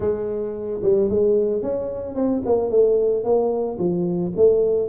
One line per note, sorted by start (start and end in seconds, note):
0.00 0.81 G#3
0.82 1.09 G3
1.09 1.62 G#3
1.62 2.15 C#4
2.15 2.42 C4
2.45 2.70 A#3
2.70 3.23 A3
3.23 3.77 A#3
3.78 4.32 F3
4.36 4.88 A3